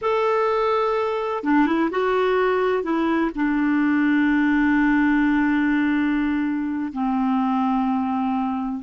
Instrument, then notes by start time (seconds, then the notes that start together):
clarinet
0.01 A4
1.43 D4
1.66 E4
1.90 F#4
2.83 E4
3.35 D4
6.93 C4